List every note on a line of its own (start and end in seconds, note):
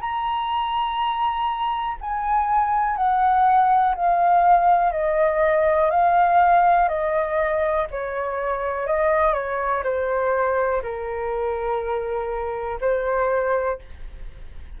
0.00 1.97 A#5
2.00 2.96 G#5
2.96 3.94 F#5
3.95 4.91 F5
4.91 5.90 D#5
5.90 6.88 F5
6.88 7.86 D#5
7.90 8.86 C#5
8.86 9.33 D#5
9.33 9.82 C#5
9.83 10.82 C5
10.82 12.79 A#4
12.80 13.78 C5